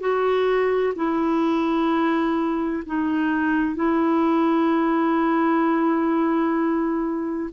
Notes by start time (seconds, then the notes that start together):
0.00 F#4
0.96 E4
2.86 D#4
3.75 E4